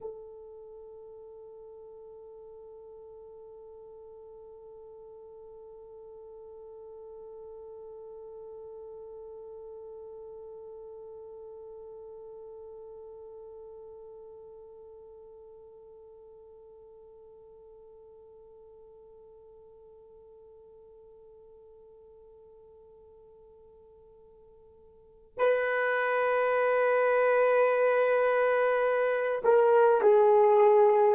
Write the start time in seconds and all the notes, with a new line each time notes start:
0.01 A4
25.37 B4
29.43 A#4
30.01 G#4